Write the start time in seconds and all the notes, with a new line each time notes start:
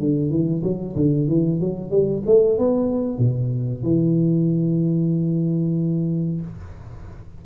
0.00 D3
0.30 E3
0.64 F#3
0.96 D3
1.28 E3
1.60 F#3
1.91 G3
2.27 A3
2.59 B3
3.19 B2
3.83 E3